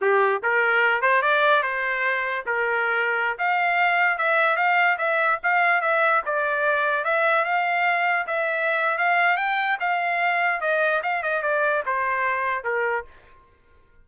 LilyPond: \new Staff \with { instrumentName = "trumpet" } { \time 4/4 \tempo 4 = 147 g'4 ais'4. c''8 d''4 | c''2 ais'2~ | ais'16 f''2 e''4 f''8.~ | f''16 e''4 f''4 e''4 d''8.~ |
d''4~ d''16 e''4 f''4.~ f''16~ | f''16 e''4.~ e''16 f''4 g''4 | f''2 dis''4 f''8 dis''8 | d''4 c''2 ais'4 | }